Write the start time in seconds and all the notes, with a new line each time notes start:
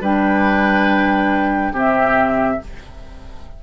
0.00 G3 D4 B4 G5
1.71 C3 C4 G4
1.77 E5